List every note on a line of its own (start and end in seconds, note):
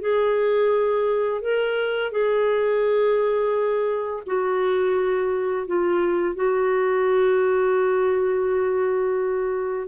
0.00 1.41 G#4
1.41 2.11 A#4
2.11 4.23 G#4
4.26 5.67 F#4
5.67 6.35 F4
6.35 9.88 F#4